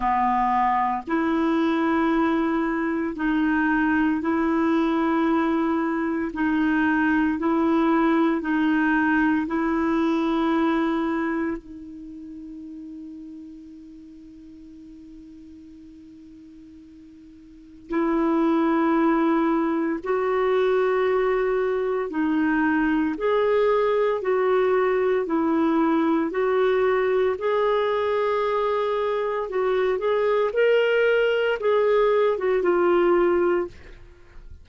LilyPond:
\new Staff \with { instrumentName = "clarinet" } { \time 4/4 \tempo 4 = 57 b4 e'2 dis'4 | e'2 dis'4 e'4 | dis'4 e'2 dis'4~ | dis'1~ |
dis'4 e'2 fis'4~ | fis'4 dis'4 gis'4 fis'4 | e'4 fis'4 gis'2 | fis'8 gis'8 ais'4 gis'8. fis'16 f'4 | }